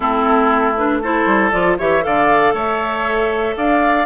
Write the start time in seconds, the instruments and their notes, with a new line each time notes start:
0.00 bassoon A3, clarinet C4, oboe E4, flute A4
0.76 clarinet D4, flute B4
1.02 clarinet E4, oboe A4, flute C5
1.25 bassoon G3
1.51 bassoon F3, clarinet F4, flute D5
1.78 bassoon E3, clarinet G4, oboe C#5, flute E5
2.01 bassoon D3, clarinet A4, oboe D5, flute F5
2.53 bassoon A3, oboe C#5, flute E5
3.56 bassoon D4, oboe D5, flute F5